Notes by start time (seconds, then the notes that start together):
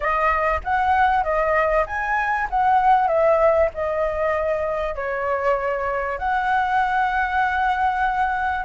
0.00 D#5
0.64 F#5
1.23 D#5
1.86 G#5
2.50 F#5
3.07 E5
3.74 D#5
4.95 C#5
6.18 F#5